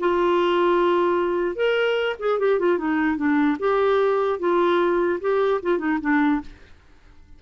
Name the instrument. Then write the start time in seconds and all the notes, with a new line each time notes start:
clarinet
0.00 F4
1.56 A#4
2.20 G#4
2.40 G4
2.60 F4
2.78 D#4
3.17 D4
3.59 G4
4.39 F4
5.21 G4
5.63 F4
5.79 D#4
6.01 D4